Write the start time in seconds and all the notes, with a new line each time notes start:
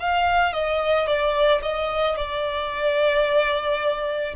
0.00 F5
0.53 D#5
1.07 D5
1.63 D#5
2.16 D5